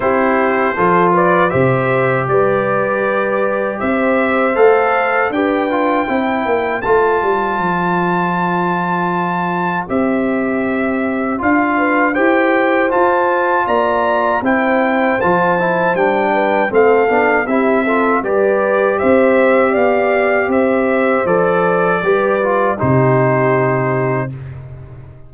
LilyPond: <<
  \new Staff \with { instrumentName = "trumpet" } { \time 4/4 \tempo 4 = 79 c''4. d''8 e''4 d''4~ | d''4 e''4 f''4 g''4~ | g''4 a''2.~ | a''4 e''2 f''4 |
g''4 a''4 ais''4 g''4 | a''4 g''4 f''4 e''4 | d''4 e''4 f''4 e''4 | d''2 c''2 | }
  \new Staff \with { instrumentName = "horn" } { \time 4/4 g'4 a'8 b'8 c''4 b'4~ | b'4 c''2 b'4 | c''1~ | c''2.~ c''8 b'8 |
c''2 d''4 c''4~ | c''4. b'8 a'4 g'8 a'8 | b'4 c''4 d''4 c''4~ | c''4 b'4 g'2 | }
  \new Staff \with { instrumentName = "trombone" } { \time 4/4 e'4 f'4 g'2~ | g'2 a'4 g'8 f'8 | e'4 f'2.~ | f'4 g'2 f'4 |
g'4 f'2 e'4 | f'8 e'8 d'4 c'8 d'8 e'8 f'8 | g'1 | a'4 g'8 f'8 dis'2 | }
  \new Staff \with { instrumentName = "tuba" } { \time 4/4 c'4 f4 c4 g4~ | g4 c'4 a4 d'4 | c'8 ais8 a8 g8 f2~ | f4 c'2 d'4 |
e'4 f'4 ais4 c'4 | f4 g4 a8 b8 c'4 | g4 c'4 b4 c'4 | f4 g4 c2 | }
>>